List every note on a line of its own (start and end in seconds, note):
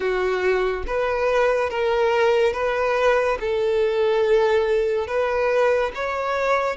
0.00 0.83 F#4
0.86 1.69 B4
1.69 2.53 A#4
2.53 3.38 B4
3.40 5.07 A4
5.07 5.92 B4
5.95 6.76 C#5